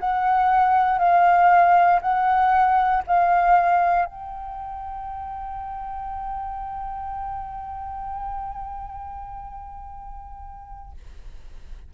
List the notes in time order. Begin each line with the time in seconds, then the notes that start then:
0.00 F#5
0.98 F5
2.02 F#5
3.07 F5
4.05 G5